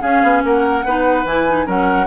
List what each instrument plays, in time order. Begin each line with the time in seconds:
0.00 clarinet C#4, bassoon C#4, oboe G#4, flute F5
0.23 bassoon B3
0.43 bassoon A#3, oboe A#4, flute F#5
0.84 bassoon B3, clarinet D#4, oboe B4
1.24 bassoon E3, clarinet E4, flute G#5
1.47 clarinet D#4
1.65 bassoon F#3, clarinet C#4, oboe A#4, flute F#5